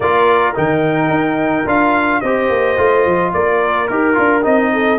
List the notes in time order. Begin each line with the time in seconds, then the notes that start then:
0.00 A#3 F4 A#4 D5
0.54 D#3 D#4 G5
1.09 D#4
1.66 D4 F4 F5
2.20 C4 G4 C5 D#5
2.49 A#3
2.77 A3 F4
3.05 F3
3.33 A#3 A#4 D5
3.87 D#4 G4 A#4
4.13 D4 F4
4.42 C4 D#4 D#5
4.72 A4